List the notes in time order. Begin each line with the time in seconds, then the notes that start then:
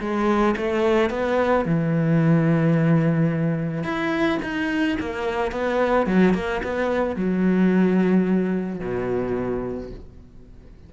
0.00 G#3
0.57 A3
1.10 B3
1.65 E3
3.83 E4
4.42 D#4
5.00 A#3
5.51 B3
6.06 F#3
6.34 A#3
6.63 B3
7.16 F#3
8.80 B2